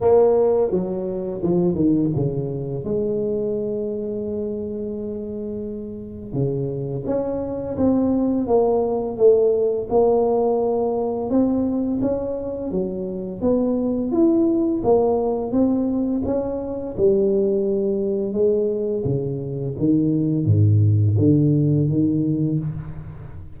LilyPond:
\new Staff \with { instrumentName = "tuba" } { \time 4/4 \tempo 4 = 85 ais4 fis4 f8 dis8 cis4 | gis1~ | gis4 cis4 cis'4 c'4 | ais4 a4 ais2 |
c'4 cis'4 fis4 b4 | e'4 ais4 c'4 cis'4 | g2 gis4 cis4 | dis4 gis,4 d4 dis4 | }